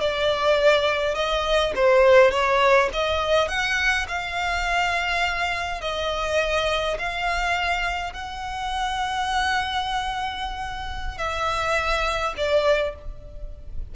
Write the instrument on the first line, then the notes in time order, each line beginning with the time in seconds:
violin
0.00 D5
1.14 D#5
1.75 C5
2.31 C#5
2.92 D#5
3.48 F#5
4.08 F5
5.80 D#5
6.98 F5
8.13 F#5
11.17 E5
12.37 D5